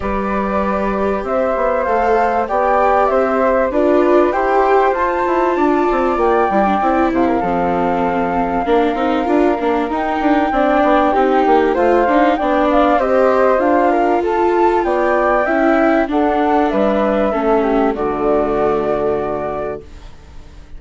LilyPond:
<<
  \new Staff \with { instrumentName = "flute" } { \time 4/4 \tempo 4 = 97 d''2 e''4 f''4 | g''4 e''4 d''4 g''4 | a''2 g''4. f''8~ | f''1 |
g''2. f''4 | g''8 f''8 dis''4 f''4 a''4 | g''2 fis''4 e''4~ | e''4 d''2. | }
  \new Staff \with { instrumentName = "flute" } { \time 4/4 b'2 c''2 | d''4 c''4 b'4 c''4~ | c''4 d''2~ d''8 c''16 ais'16 | a'2 ais'2~ |
ais'4 d''4 g'4 c''4 | d''4 c''4. ais'8 a'4 | d''4 e''4 a'4 b'4 | a'8 g'8 fis'2. | }
  \new Staff \with { instrumentName = "viola" } { \time 4/4 g'2. a'4 | g'2 f'4 g'4 | f'2~ f'8 e'16 d'16 e'4 | c'2 d'8 dis'8 f'8 d'8 |
dis'4 d'4 dis'4 f'8 dis'8 | d'4 g'4 f'2~ | f'4 e'4 d'2 | cis'4 a2. | }
  \new Staff \with { instrumentName = "bassoon" } { \time 4/4 g2 c'8 b8 a4 | b4 c'4 d'4 e'4 | f'8 e'8 d'8 c'8 ais8 g8 c'8 c8 | f2 ais8 c'8 d'8 ais8 |
dis'8 d'8 c'8 b8 c'8 ais8 a8 d'8 | b4 c'4 d'4 f'4 | b4 cis'4 d'4 g4 | a4 d2. | }
>>